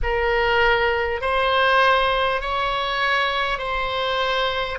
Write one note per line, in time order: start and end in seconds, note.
0.02 1.21 A#4
1.21 2.41 C5
2.41 3.58 C#5
3.58 4.78 C5